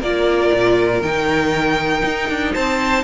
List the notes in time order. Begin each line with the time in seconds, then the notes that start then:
0.00 A#3 F4 A#4 D5
0.53 A#2
1.02 D#3 D#4 G5
2.05 D#4
2.30 D4
2.54 C4 C5 A5